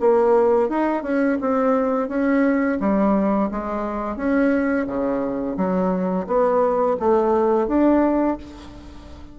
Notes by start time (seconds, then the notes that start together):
0.00 A#3
0.70 D#4
1.03 C#4
1.41 C4
2.09 C#4
2.80 G3
3.51 G#3
4.17 C#4
4.87 C#3
5.57 F#3
6.27 B3
7.00 A3
7.68 D4